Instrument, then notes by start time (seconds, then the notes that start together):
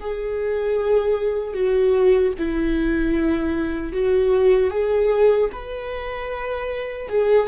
viola
0.00 G#4
1.54 F#4
2.38 E4
3.92 F#4
4.70 G#4
5.52 B4
7.08 G#4